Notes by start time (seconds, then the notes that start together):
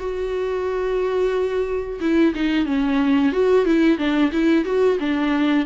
0.00 F#4
2.01 E4
2.35 D#4
2.66 C#4
3.33 F#4
3.66 E4
3.98 D4
4.32 E4
4.65 F#4
5.00 D4